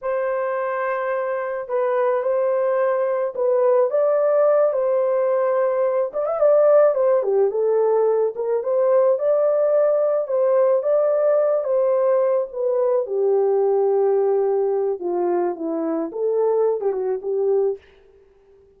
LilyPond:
\new Staff \with { instrumentName = "horn" } { \time 4/4 \tempo 4 = 108 c''2. b'4 | c''2 b'4 d''4~ | d''8 c''2~ c''8 d''16 e''16 d''8~ | d''8 c''8 g'8 a'4. ais'8 c''8~ |
c''8 d''2 c''4 d''8~ | d''4 c''4. b'4 g'8~ | g'2. f'4 | e'4 a'4~ a'16 g'16 fis'8 g'4 | }